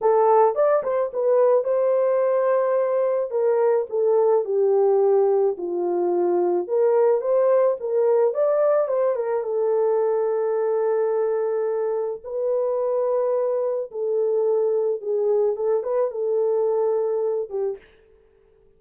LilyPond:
\new Staff \with { instrumentName = "horn" } { \time 4/4 \tempo 4 = 108 a'4 d''8 c''8 b'4 c''4~ | c''2 ais'4 a'4 | g'2 f'2 | ais'4 c''4 ais'4 d''4 |
c''8 ais'8 a'2.~ | a'2 b'2~ | b'4 a'2 gis'4 | a'8 b'8 a'2~ a'8 g'8 | }